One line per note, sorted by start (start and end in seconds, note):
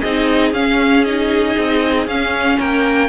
0.00 0.51 C4
0.00 0.54 D#4
0.00 2.57 G#4
0.00 0.51 D#5
0.51 1.54 C#4
0.51 1.05 C#4
0.51 1.04 F5
1.04 2.07 D#4
1.04 2.06 D#5
1.57 2.06 C4
2.06 2.57 C#4
2.06 3.08 C#4
2.06 2.58 F5
2.58 3.08 A#3
2.58 3.08 A#4
2.58 3.08 G5